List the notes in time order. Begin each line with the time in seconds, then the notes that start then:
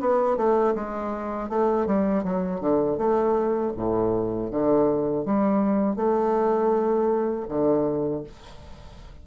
0.00 B3
0.37 A3
0.75 G#3
1.50 A3
1.87 G3
2.24 F#3
2.60 D3
2.98 A3
3.77 A2
4.51 D3
5.26 G3
5.96 A3
7.49 D3